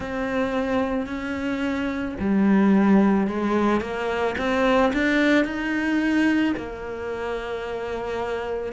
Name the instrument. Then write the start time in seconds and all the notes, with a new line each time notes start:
cello
0.00 C4
1.06 C#4
2.19 G3
3.27 G#3
3.80 A#3
4.37 C4
4.93 D4
5.44 D#4
6.57 A#3